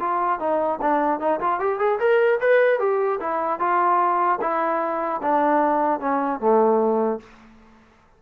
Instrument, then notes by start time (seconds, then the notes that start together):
trombone
0.00 F4
0.39 D#4
0.82 D4
1.20 D#4
1.41 F4
1.60 G4
1.79 G#4
2.00 A#4
2.41 B4
2.80 G4
3.21 E4
3.60 F4
4.41 E4
5.23 D4
6.00 C#4
6.40 A3